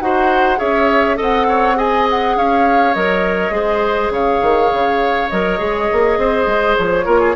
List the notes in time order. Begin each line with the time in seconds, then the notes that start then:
0.00 D#4 F#4 C5 F#5
0.57 C#4 G#4 C#5 E5
1.15 C4 A4 D#5 F#5
1.48 C#5
1.75 G#4 D#5 G#5
2.10 F#5
2.36 C#4 C#5 F5
2.94 F#3 A#4 D#5
3.50 G#3 G#4 C5
4.09 C#3 C#5 F5
4.42 D#3
4.72 C#3
5.30 F#3 A#4 D#5
5.58 G#3 G#4
5.92 A#3
6.17 C4 C5
6.46 G#3
6.77 F3 C#5
7.05 A#3 F4 A#4
7.20 G#4